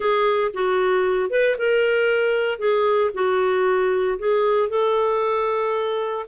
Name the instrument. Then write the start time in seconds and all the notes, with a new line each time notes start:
clarinet
0.00 G#4
0.53 F#4
1.30 B4
1.58 A#4
2.58 G#4
3.14 F#4
4.19 G#4
4.69 A4